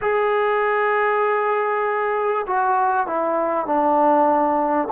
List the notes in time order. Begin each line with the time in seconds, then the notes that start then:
0.01 G#4
2.46 F#4
3.06 E4
3.66 D4